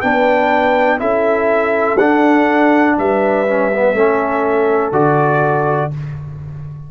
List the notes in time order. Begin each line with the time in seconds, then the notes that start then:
0.00 B3 D4 B4 G5
0.99 C#4 E4 A4 E5
1.98 D4 F#5
2.97 G3 B4 E5
3.47 C#4
3.72 B3
3.94 A3 C#4 A4
4.92 D3 F#4 D5